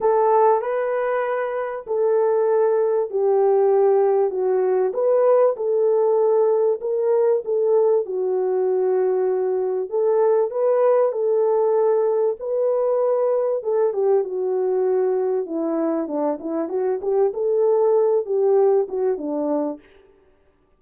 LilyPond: \new Staff \with { instrumentName = "horn" } { \time 4/4 \tempo 4 = 97 a'4 b'2 a'4~ | a'4 g'2 fis'4 | b'4 a'2 ais'4 | a'4 fis'2. |
a'4 b'4 a'2 | b'2 a'8 g'8 fis'4~ | fis'4 e'4 d'8 e'8 fis'8 g'8 | a'4. g'4 fis'8 d'4 | }